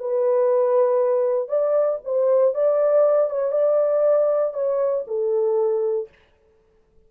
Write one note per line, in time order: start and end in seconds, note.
0.00 1.48 B4
1.48 1.99 D5
2.05 2.55 C5
2.55 3.30 D5
3.30 3.52 C#5
3.52 4.54 D5
4.54 5.05 C#5
5.07 6.09 A4